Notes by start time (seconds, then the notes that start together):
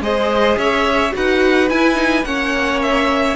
0.00 G#3 G#4 C5 D#5
0.57 C#4 C#5 E5
1.11 D#4 F#4 B4 F#5
1.69 E4 G#5
1.94 D#4
2.23 A#3 C#4 C#5 F#5
2.82 E5